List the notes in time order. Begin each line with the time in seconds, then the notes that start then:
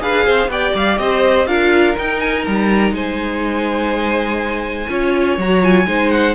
0.00 D4 G#4 B4 F5
0.25 C4 C5
0.48 B3 G4 D5 G5
0.74 G3 F5
0.98 C4 C5 D#5
1.47 D4 F4 A#4 F5
1.96 D#4 G5
2.20 G#5
2.45 G3 A#5
2.92 G#3 C5 G#5
4.89 C#4 F4 C#5
5.37 F#3 F#4 A#5
5.61 F4 G#5
5.86 G#3 D#4 C5
6.10 F#5